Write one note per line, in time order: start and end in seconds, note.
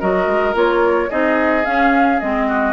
0.00 0.27 F#3
0.00 0.54 F#4
0.00 1.10 A#4
0.00 0.55 D#5
0.27 0.54 G#3
0.54 1.10 A#3
0.54 1.09 F4
0.54 1.10 C#5
1.10 1.66 C4
1.10 1.65 D#4
1.10 2.48 G#4
1.10 1.65 D#5
1.65 2.20 C#4
1.65 2.21 C#4
1.65 2.20 F5
2.20 2.74 G#3
2.20 2.74 C4
2.20 2.74 D#5
2.48 2.74 F#4